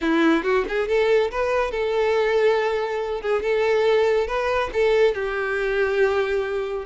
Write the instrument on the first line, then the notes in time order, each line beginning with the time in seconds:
violin
0.01 E4
0.43 F#4
0.68 G#4
0.87 A4
1.31 B4
1.71 A4
3.21 G#4
3.42 A4
4.27 B4
4.73 A4
5.14 G4